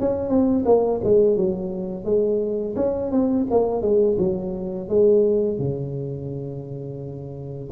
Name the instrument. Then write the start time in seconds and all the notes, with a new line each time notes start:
tuba
0.00 C#4
0.29 C4
0.65 A#3
1.04 G#3
1.37 F#3
2.05 G#3
2.76 C#4
3.11 C4
3.51 A#3
3.82 G#3
4.18 F#3
4.89 G#3
5.59 C#3